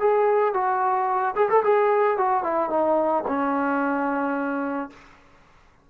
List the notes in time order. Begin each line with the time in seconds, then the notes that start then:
0.00 G#4
0.54 F#4
1.35 G#4
1.49 A4
1.64 G#4
2.18 F#4
2.43 E4
2.70 D#4
3.28 C#4